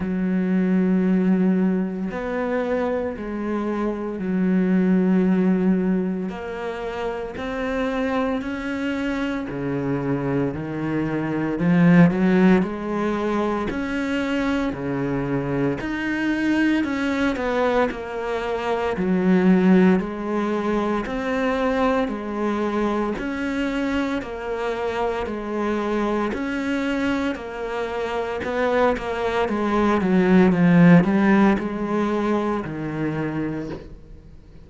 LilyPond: \new Staff \with { instrumentName = "cello" } { \time 4/4 \tempo 4 = 57 fis2 b4 gis4 | fis2 ais4 c'4 | cis'4 cis4 dis4 f8 fis8 | gis4 cis'4 cis4 dis'4 |
cis'8 b8 ais4 fis4 gis4 | c'4 gis4 cis'4 ais4 | gis4 cis'4 ais4 b8 ais8 | gis8 fis8 f8 g8 gis4 dis4 | }